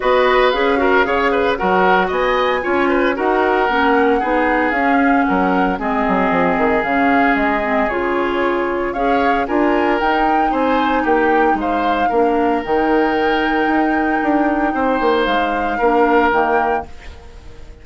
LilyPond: <<
  \new Staff \with { instrumentName = "flute" } { \time 4/4 \tempo 4 = 114 dis''4 f''2 fis''4 | gis''2 fis''2~ | fis''4 f''4 fis''4 dis''4~ | dis''4 f''4 dis''4 cis''4~ |
cis''4 f''4 gis''4 g''4 | gis''4 g''4 f''2 | g''1~ | g''4 f''2 g''4 | }
  \new Staff \with { instrumentName = "oboe" } { \time 4/4 b'4. ais'8 cis''8 b'8 ais'4 | dis''4 cis''8 b'8 ais'2 | gis'2 ais'4 gis'4~ | gis'1~ |
gis'4 cis''4 ais'2 | c''4 g'4 c''4 ais'4~ | ais'1 | c''2 ais'2 | }
  \new Staff \with { instrumentName = "clarinet" } { \time 4/4 fis'4 gis'8 fis'8 gis'4 fis'4~ | fis'4 f'4 fis'4 cis'4 | dis'4 cis'2 c'4~ | c'4 cis'4. c'8 f'4~ |
f'4 gis'4 f'4 dis'4~ | dis'2. d'4 | dis'1~ | dis'2 d'4 ais4 | }
  \new Staff \with { instrumentName = "bassoon" } { \time 4/4 b4 cis'4 cis4 fis4 | b4 cis'4 dis'4 ais4 | b4 cis'4 fis4 gis8 fis8 | f8 dis8 cis4 gis4 cis4~ |
cis4 cis'4 d'4 dis'4 | c'4 ais4 gis4 ais4 | dis2 dis'4 d'4 | c'8 ais8 gis4 ais4 dis4 | }
>>